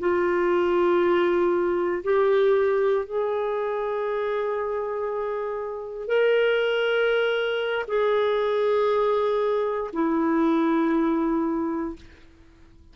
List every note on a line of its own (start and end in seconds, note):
0.00 2.03 F4
2.04 3.06 G4
3.06 6.08 G#4
6.08 7.86 A#4
7.88 9.91 G#4
9.93 11.96 E4